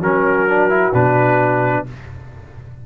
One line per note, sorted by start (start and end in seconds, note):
0.00 0.92 F#3
0.00 0.48 C#4
0.00 1.85 F#4
0.00 0.93 A#4
0.48 0.69 D4
0.69 0.92 E4
0.93 1.86 B2
0.93 1.86 D4
0.93 1.86 B4